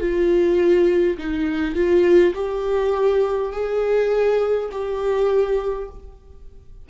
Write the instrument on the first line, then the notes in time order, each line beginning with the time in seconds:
viola
0.00 F4
1.18 D#4
1.75 F4
2.35 G4
3.52 G#4
4.72 G4